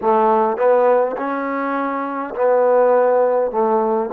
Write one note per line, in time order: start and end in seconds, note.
0.01 0.57 A3
0.57 1.16 B3
1.17 2.34 C#4
2.35 3.51 B3
3.51 4.10 A3